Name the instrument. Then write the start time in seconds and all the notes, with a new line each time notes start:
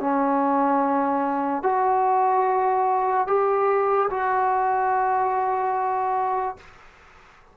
trombone
0.00 C#4
1.63 F#4
3.27 G4
4.10 F#4